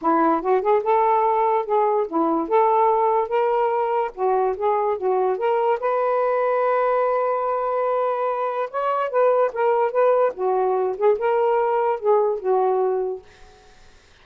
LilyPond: \new Staff \with { instrumentName = "saxophone" } { \time 4/4 \tempo 4 = 145 e'4 fis'8 gis'8 a'2 | gis'4 e'4 a'2 | ais'2 fis'4 gis'4 | fis'4 ais'4 b'2~ |
b'1~ | b'4 cis''4 b'4 ais'4 | b'4 fis'4. gis'8 ais'4~ | ais'4 gis'4 fis'2 | }